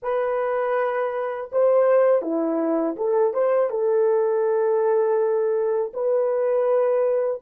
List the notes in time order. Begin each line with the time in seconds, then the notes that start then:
0.02 B4
1.52 C5
2.22 E4
2.96 A4
3.33 C5
3.70 A4
5.93 B4